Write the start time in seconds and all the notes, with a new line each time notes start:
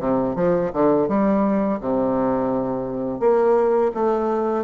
0.00 C3
0.36 F3
0.73 D3
1.08 G3
1.81 C3
3.20 A#3
3.94 A3